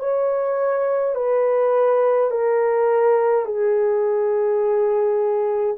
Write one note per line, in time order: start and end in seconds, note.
0.00 1.15 C#5
1.15 2.31 B4
2.31 3.46 A#4
3.46 5.77 G#4